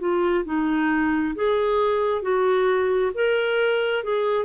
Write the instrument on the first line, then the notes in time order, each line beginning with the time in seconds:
clarinet
0.00 F4
0.45 D#4
1.36 G#4
2.22 F#4
3.15 A#4
4.04 G#4